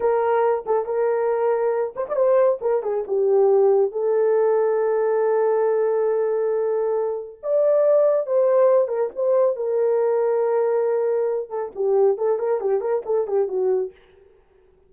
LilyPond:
\new Staff \with { instrumentName = "horn" } { \time 4/4 \tempo 4 = 138 ais'4. a'8 ais'2~ | ais'8 c''16 d''16 c''4 ais'8 gis'8 g'4~ | g'4 a'2.~ | a'1~ |
a'4 d''2 c''4~ | c''8 ais'8 c''4 ais'2~ | ais'2~ ais'8 a'8 g'4 | a'8 ais'8 g'8 ais'8 a'8 g'8 fis'4 | }